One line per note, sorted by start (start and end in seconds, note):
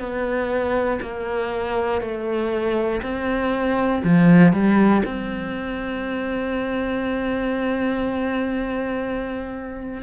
0.00 1.00 B3
1.01 2.01 A#3
2.01 3.01 A3
3.03 4.03 C4
4.04 4.53 F3
4.53 5.03 G3
5.05 10.03 C4